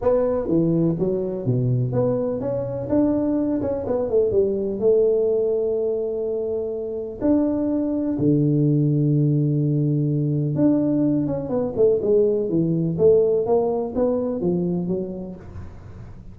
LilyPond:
\new Staff \with { instrumentName = "tuba" } { \time 4/4 \tempo 4 = 125 b4 e4 fis4 b,4 | b4 cis'4 d'4. cis'8 | b8 a8 g4 a2~ | a2. d'4~ |
d'4 d2.~ | d2 d'4. cis'8 | b8 a8 gis4 e4 a4 | ais4 b4 f4 fis4 | }